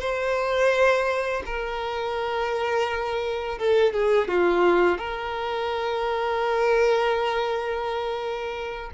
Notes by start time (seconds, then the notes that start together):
0.00 C5
1.45 A#4
3.58 A4
3.93 G#4
4.28 F4
4.98 A#4